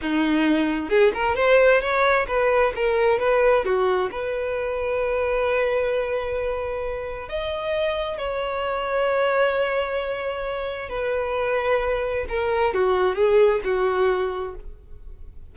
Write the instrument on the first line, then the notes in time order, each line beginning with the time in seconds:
violin
0.01 D#4
0.89 G#4
1.14 A#4
1.35 C5
1.81 C#5
2.27 B4
2.75 A#4
3.19 B4
3.64 F#4
4.11 B4
7.28 D#5
8.18 C#5
10.89 B4
12.29 A#4
12.74 F#4
13.15 G#4
13.63 F#4